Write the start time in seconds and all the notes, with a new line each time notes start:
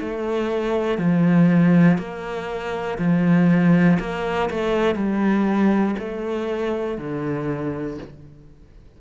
0.00 A3
0.98 F3
1.99 A#3
2.99 F3
4.00 A#3
4.50 A3
4.95 G3
5.99 A3
6.99 D3